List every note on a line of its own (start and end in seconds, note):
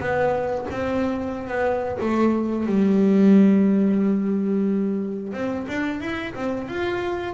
0.00 0.67 B3
0.71 1.48 C4
1.48 1.98 B3
2.01 2.66 A3
2.66 5.33 G3
5.33 5.67 C4
5.69 6.01 D4
6.01 6.34 E4
6.35 6.68 C4
6.68 7.34 F4